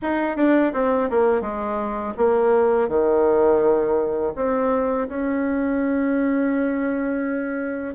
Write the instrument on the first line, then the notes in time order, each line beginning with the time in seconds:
bassoon
0.02 D#4
0.36 D4
0.73 C4
1.10 A#3
1.41 G#3
2.17 A#3
2.88 D#3
4.35 C4
5.08 C#4